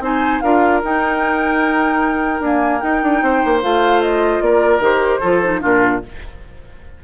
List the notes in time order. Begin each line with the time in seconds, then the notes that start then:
0.00 C4 D#4 C5 G#5
0.40 D4 F4 A#4 F5
0.83 D#4 G5
2.40 A#3 D4 G#5
2.80 D#4 G5
3.03 D4
3.22 C4 C5
3.45 A#3
3.62 A3 F4 F5
4.02 D#5
4.41 A#3 A#4 D5
4.80 D#3 G4 C5
5.20 F3 F4 A4
5.43 D#4
5.61 A#2 D4 F4 A#4